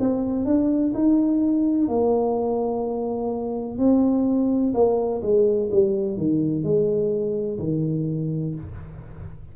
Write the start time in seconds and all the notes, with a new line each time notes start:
0.00 C4
0.46 D4
0.95 D#4
1.89 A#3
3.78 C4
4.74 A#3
5.23 G#3
5.71 G3
6.18 D#3
6.64 G#3
7.59 D#3